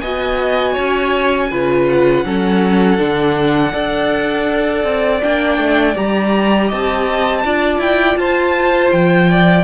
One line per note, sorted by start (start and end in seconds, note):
0.00 0.75 B3
0.00 1.51 F#4
0.00 0.73 D#5
0.00 1.85 G#5
0.73 1.51 C#4
0.73 1.47 C#5
1.50 2.24 C#3
1.50 2.25 F4
1.50 2.25 B4
1.89 5.21 F#5
2.24 2.98 F#3
2.24 2.98 C#4
2.24 3.72 A4
2.98 3.73 D3
2.98 3.71 D4
3.71 4.83 D4
3.71 5.20 A4
3.71 6.67 D5
4.83 5.20 C4
5.21 5.57 A#3
5.21 5.95 D4
5.21 5.96 G5
5.57 5.94 A3
5.95 6.71 G3
5.95 7.43 G4
5.95 6.70 A#5
6.67 7.44 C4
6.67 7.41 D#5
6.67 7.80 A5
7.44 7.78 D4
7.44 9.63 F4
7.44 8.19 D5
7.78 8.15 E4
7.78 8.16 G5
8.16 8.90 F4
8.16 9.29 C5
8.16 8.90 A5
8.91 9.63 F3
8.91 9.63 G5
9.29 9.63 D5